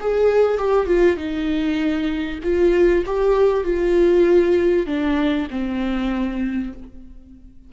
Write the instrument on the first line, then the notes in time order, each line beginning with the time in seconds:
viola
0.00 G#4
0.58 G4
0.86 F4
1.17 D#4
2.43 F4
3.06 G4
3.64 F4
4.86 D4
5.50 C4